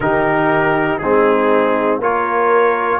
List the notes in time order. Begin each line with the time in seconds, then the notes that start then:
0.00 D#3 D#4 G4 A#4
0.98 G#3 C4 D#4 G#4
1.97 A#3 F4 A#4 C#5